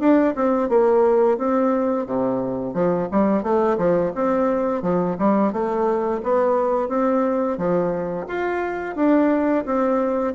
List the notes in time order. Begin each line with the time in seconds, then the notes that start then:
0.00 D4
0.36 C4
0.69 A#3
1.38 C4
2.07 C3
2.74 F3
3.11 G3
3.43 A3
3.78 F3
4.15 C4
4.82 F3
5.19 G3
5.53 A3
6.23 B3
6.89 C4
7.58 F3
8.28 F4
8.96 D4
9.66 C4